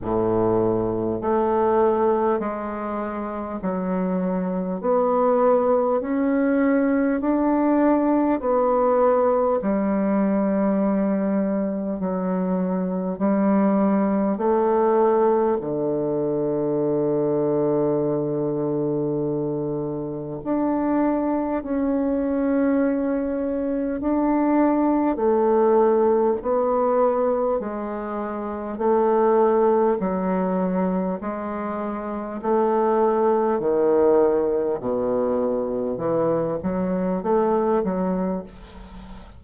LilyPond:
\new Staff \with { instrumentName = "bassoon" } { \time 4/4 \tempo 4 = 50 a,4 a4 gis4 fis4 | b4 cis'4 d'4 b4 | g2 fis4 g4 | a4 d2.~ |
d4 d'4 cis'2 | d'4 a4 b4 gis4 | a4 fis4 gis4 a4 | dis4 b,4 e8 fis8 a8 fis8 | }